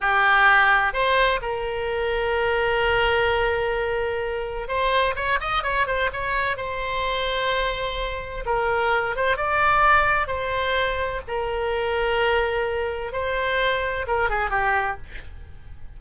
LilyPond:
\new Staff \with { instrumentName = "oboe" } { \time 4/4 \tempo 4 = 128 g'2 c''4 ais'4~ | ais'1~ | ais'2 c''4 cis''8 dis''8 | cis''8 c''8 cis''4 c''2~ |
c''2 ais'4. c''8 | d''2 c''2 | ais'1 | c''2 ais'8 gis'8 g'4 | }